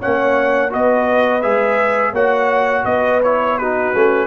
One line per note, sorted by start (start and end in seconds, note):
0.00 0.74 A#3
0.00 0.70 C#4
0.00 0.71 C#5
0.00 0.73 F#5
0.70 1.45 B3
0.70 1.42 F#4
0.70 2.14 B4
0.70 1.42 D#5
1.42 2.13 G#3
1.42 2.14 G#4
1.42 2.14 E5
2.13 2.85 A#3
2.13 3.22 F#4
2.13 2.85 C#5
2.13 2.85 F#5
2.85 3.92 B3
2.85 3.59 B4
2.85 3.21 D#5
3.23 3.61 E4
3.23 3.58 C#5
3.58 3.95 D#4
3.58 4.27 F#4
3.58 4.27 B4
3.94 4.27 A3
3.94 4.27 C#4